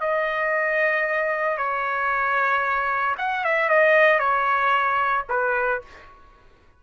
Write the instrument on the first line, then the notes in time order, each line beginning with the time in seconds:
trumpet
0.00 D#5
1.57 C#5
3.18 F#5
3.44 E5
3.69 D#5
4.19 C#5
5.29 B4